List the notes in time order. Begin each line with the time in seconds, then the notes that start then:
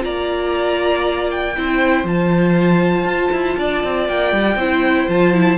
0.00 A#3 F4 D5 A#5
1.30 G5
1.56 C4 E4 C5
2.04 F3 F4 A5
3.04 F4
3.32 E4
3.58 D4 D5
3.83 C4
4.08 A#3 G5
4.33 G3
4.55 C4 E4 C5
5.08 F3 F4 A5
5.33 E4